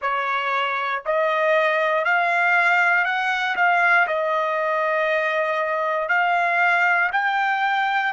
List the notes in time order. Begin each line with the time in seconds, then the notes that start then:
0.01 C#5
1.05 D#5
2.04 F5
3.04 F#5
3.56 F5
4.07 D#5
6.08 F5
7.12 G5